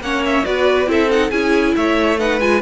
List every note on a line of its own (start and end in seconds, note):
0.00 0.43 A#3
0.00 0.44 C#4
0.00 0.45 C#5
0.00 0.24 F#5
0.24 0.45 E5
0.44 0.86 B3
0.44 0.86 F#4
0.44 0.89 B4
0.44 0.88 D5
0.86 1.30 C4
0.86 1.08 E4
0.86 1.30 A4
0.86 1.10 E5
1.10 1.31 D#4
1.10 1.30 F#5
1.30 1.74 C#4
1.30 2.18 E4
1.30 1.73 G#4
1.30 1.74 G#5
1.75 2.40 A3
1.75 2.19 C#5
1.75 2.19 E5
2.18 2.40 D#4
2.18 2.61 B4
2.18 2.40 F#5
2.40 2.61 G#3
2.40 2.61 F4
2.40 2.61 G#5